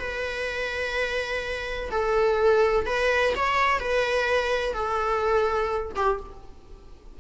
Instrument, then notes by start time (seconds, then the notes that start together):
viola
0.00 B4
1.91 A4
2.87 B4
3.36 C#5
3.80 B4
4.74 A4
5.97 G4